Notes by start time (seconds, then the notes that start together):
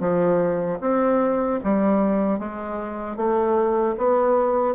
0.00 F3
0.81 C4
1.64 G3
2.39 G#3
3.17 A3
3.98 B3